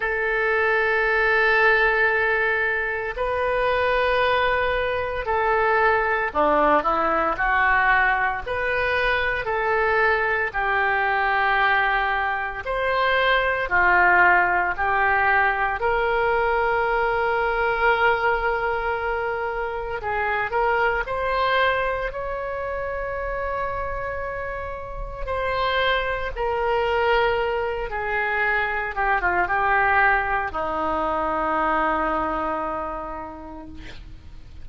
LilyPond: \new Staff \with { instrumentName = "oboe" } { \time 4/4 \tempo 4 = 57 a'2. b'4~ | b'4 a'4 d'8 e'8 fis'4 | b'4 a'4 g'2 | c''4 f'4 g'4 ais'4~ |
ais'2. gis'8 ais'8 | c''4 cis''2. | c''4 ais'4. gis'4 g'16 f'16 | g'4 dis'2. | }